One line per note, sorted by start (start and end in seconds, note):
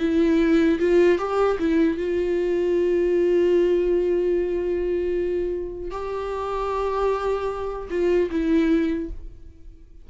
0.00 0.79 E4
0.79 1.18 F4
1.18 1.58 G4
1.59 1.98 E4
1.98 5.91 F4
5.91 7.88 G4
7.91 8.30 F4
8.31 9.10 E4